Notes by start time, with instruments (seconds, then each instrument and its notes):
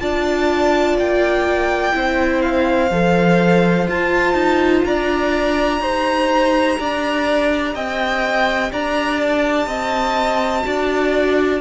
0.00 cello D4, viola F4, violin D5 A5
0.97 cello A#3, violin G5
1.93 cello C4, viola E4, violin C5
2.42 violin F5
2.91 cello F3, viola A4
3.87 cello F4, viola F4, violin A5
4.34 cello D#4
4.85 cello D4, violin D5 A#5
5.81 cello D#4, viola G4, violin C5
6.80 cello D4, violin D5
7.74 cello C4, violin D#5 G5
8.72 cello D4, violin D5 A#5
9.21 violin A5
9.67 cello C4, violin D#5
10.62 cello D4, viola F#4, violin D5